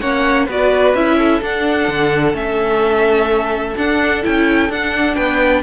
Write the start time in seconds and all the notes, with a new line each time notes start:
0.00 A#3 C#4 C#5 F#5
0.46 B3 F#4 B4 D5
0.94 C#4 E4 E5
1.18 A4
1.41 D4 F#5
1.88 D3
2.33 A3 C#4 E5
3.77 D4 F#5
4.22 C#4 E4 G5
4.69 D4 F#5
5.15 B3 B4 G5